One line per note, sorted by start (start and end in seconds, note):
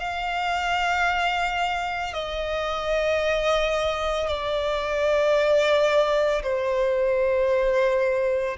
0.00 2.14 F5
2.14 4.28 D#5
4.29 6.43 D5
6.43 8.58 C5